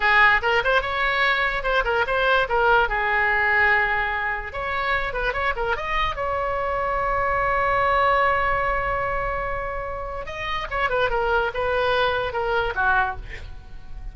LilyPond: \new Staff \with { instrumentName = "oboe" } { \time 4/4 \tempo 4 = 146 gis'4 ais'8 c''8 cis''2 | c''8 ais'8 c''4 ais'4 gis'4~ | gis'2. cis''4~ | cis''8 b'8 cis''8 ais'8 dis''4 cis''4~ |
cis''1~ | cis''1~ | cis''4 dis''4 cis''8 b'8 ais'4 | b'2 ais'4 fis'4 | }